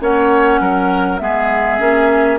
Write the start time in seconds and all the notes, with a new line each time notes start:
0.00 A#3 C#4 C#5 F#5
0.60 F#3 A#4
1.18 G#3 B3 G#4 E5
1.79 A#3 C#4